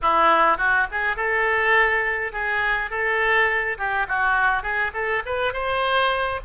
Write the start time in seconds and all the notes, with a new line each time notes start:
0.02 E4
0.57 F#4
0.91 G#4
1.16 A4
2.32 G#4
2.90 A4
3.77 G4
4.08 F#4
4.62 G#4
4.93 A4
5.25 B4
5.53 C5